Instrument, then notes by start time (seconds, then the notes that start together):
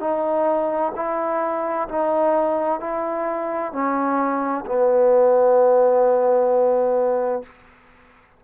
trombone
0.00 D#4
0.96 E4
1.88 D#4
2.80 E4
3.73 C#4
4.66 B3